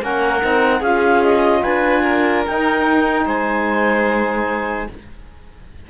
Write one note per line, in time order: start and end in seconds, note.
0.00 0.43 A#3
0.00 0.41 C#4
0.00 0.80 A#4
0.00 0.82 F#5
0.41 0.82 C4
0.41 0.81 D#4
0.80 1.63 C#4
0.80 2.44 F4
0.80 1.61 G#4
0.80 1.23 F5
1.23 1.64 D#5
1.63 2.46 D4
1.63 2.03 B4
1.63 2.45 G#5
2.03 3.24 A#4
2.47 4.91 D#4
2.47 3.26 D#4
2.47 3.28 G5
3.26 4.88 G#3
3.26 4.88 C5
3.26 4.90 G#5